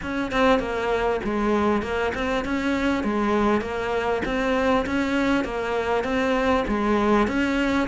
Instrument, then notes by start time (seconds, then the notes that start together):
cello
0.02 C#4
0.31 C4
0.59 A#3
1.23 G#3
1.82 A#3
2.14 C4
2.44 C#4
3.03 G#3
3.61 A#3
4.25 C4
4.85 C#4
5.44 A#3
6.04 C4
6.67 G#3
7.27 C#4